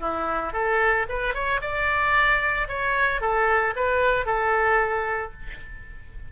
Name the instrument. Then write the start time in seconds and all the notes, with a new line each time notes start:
oboe
0.00 E4
0.53 A4
1.09 B4
1.34 C#5
1.61 D5
2.68 C#5
3.21 A4
3.75 B4
4.26 A4